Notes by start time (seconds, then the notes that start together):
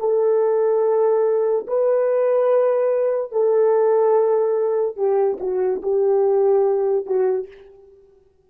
0.00 A4
1.67 B4
3.32 A4
4.97 G4
5.40 F#4
5.83 G4
7.06 F#4